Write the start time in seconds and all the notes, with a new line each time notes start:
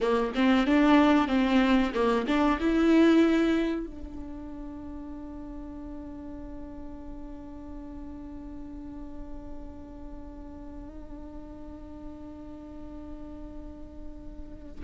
0.00 A#3
0.34 C4
0.66 D4
1.28 C4
1.94 A#3
2.27 D4
2.60 E4
3.86 D4